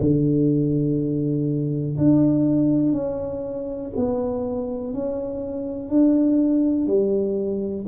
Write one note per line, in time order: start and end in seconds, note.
0.00 1.97 D3
1.97 2.92 D4
2.92 3.91 C#4
3.96 4.93 B3
4.93 5.89 C#4
5.89 6.87 D4
6.87 7.85 G3